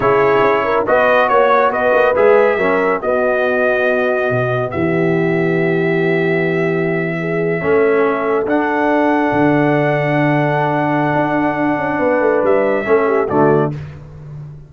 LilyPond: <<
  \new Staff \with { instrumentName = "trumpet" } { \time 4/4 \tempo 4 = 140 cis''2 dis''4 cis''4 | dis''4 e''2 dis''4~ | dis''2. e''4~ | e''1~ |
e''2.~ e''8. fis''16~ | fis''1~ | fis''1~ | fis''4 e''2 d''4 | }
  \new Staff \with { instrumentName = "horn" } { \time 4/4 gis'4. ais'8 b'4 cis''4 | b'2 ais'4 fis'4~ | fis'2. g'4~ | g'1~ |
g'8. gis'4 a'2~ a'16~ | a'1~ | a'1 | b'2 a'8 g'8 fis'4 | }
  \new Staff \with { instrumentName = "trombone" } { \time 4/4 e'2 fis'2~ | fis'4 gis'4 cis'4 b4~ | b1~ | b1~ |
b4.~ b16 cis'2 d'16~ | d'1~ | d'1~ | d'2 cis'4 a4 | }
  \new Staff \with { instrumentName = "tuba" } { \time 4/4 cis4 cis'4 b4 ais4 | b8 ais8 gis4 fis4 b4~ | b2 b,4 e4~ | e1~ |
e4.~ e16 a2 d'16~ | d'4.~ d'16 d2~ d16~ | d2 d'4. cis'8 | b8 a8 g4 a4 d4 | }
>>